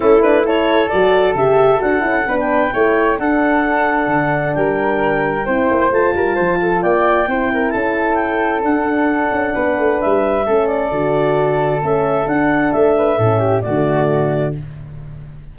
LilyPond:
<<
  \new Staff \with { instrumentName = "clarinet" } { \time 4/4 \tempo 4 = 132 a'8 b'8 cis''4 d''4 e''4 | fis''4~ fis''16 g''4.~ g''16 fis''4~ | fis''2 g''2~ | g''4 a''2 g''4~ |
g''4 a''4 g''4 fis''4~ | fis''2 e''4. d''8~ | d''2 e''4 fis''4 | e''2 d''2 | }
  \new Staff \with { instrumentName = "flute" } { \time 4/4 e'4 a'2.~ | a'4 b'4 cis''4 a'4~ | a'2 ais'2 | c''4. ais'8 c''8 a'8 d''4 |
c''8 ais'8 a'2.~ | a'4 b'2 a'4~ | a'1~ | a'8 b'8 a'8 g'8 fis'2 | }
  \new Staff \with { instrumentName = "horn" } { \time 4/4 cis'8 d'8 e'4 fis'4 g'4 | fis'8 e'8 d'4 e'4 d'4~ | d'1 | e'4 f'2. |
e'2. d'4~ | d'2. cis'4 | fis'2 cis'4 d'4~ | d'4 cis'4 a2 | }
  \new Staff \with { instrumentName = "tuba" } { \time 4/4 a2 fis4 cis4 | d'8 cis'8 b4 a4 d'4~ | d'4 d4 g2 | c'8 ais8 a8 g8 f4 ais4 |
c'4 cis'2 d'4~ | d'8 cis'8 b8 a8 g4 a4 | d2 a4 d'4 | a4 a,4 d2 | }
>>